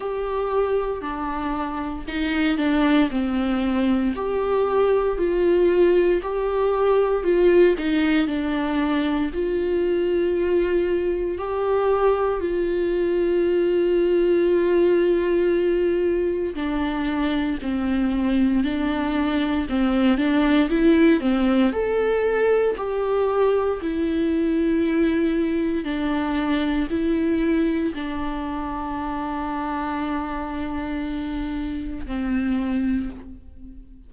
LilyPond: \new Staff \with { instrumentName = "viola" } { \time 4/4 \tempo 4 = 58 g'4 d'4 dis'8 d'8 c'4 | g'4 f'4 g'4 f'8 dis'8 | d'4 f'2 g'4 | f'1 |
d'4 c'4 d'4 c'8 d'8 | e'8 c'8 a'4 g'4 e'4~ | e'4 d'4 e'4 d'4~ | d'2. c'4 | }